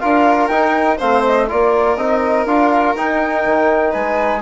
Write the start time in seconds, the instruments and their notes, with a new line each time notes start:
0.00 bassoon D4, trombone F4, violin A#4, flute F5
0.48 bassoon D#4, trombone D#4, flute G5
0.98 bassoon A3, trombone C4, violin C5, flute F5
1.26 flute D#5
1.48 bassoon A#3, trombone F4, violin A#4, flute D5
1.97 bassoon C4, trombone D#4, flute D#5
2.46 bassoon D4, trombone F4, flute F5
2.96 bassoon D#4, trombone D#4, flute G5
3.46 bassoon D#3
3.91 bassoon G#3, violin B4, flute G#5